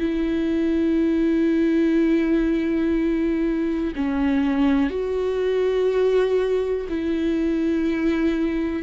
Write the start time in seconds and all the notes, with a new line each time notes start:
0.00 E4
3.96 C#4
4.90 F#4
6.89 E4